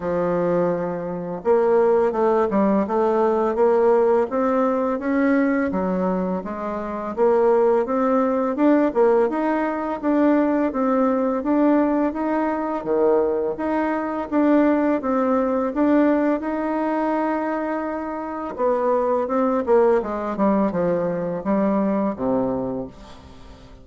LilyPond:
\new Staff \with { instrumentName = "bassoon" } { \time 4/4 \tempo 4 = 84 f2 ais4 a8 g8 | a4 ais4 c'4 cis'4 | fis4 gis4 ais4 c'4 | d'8 ais8 dis'4 d'4 c'4 |
d'4 dis'4 dis4 dis'4 | d'4 c'4 d'4 dis'4~ | dis'2 b4 c'8 ais8 | gis8 g8 f4 g4 c4 | }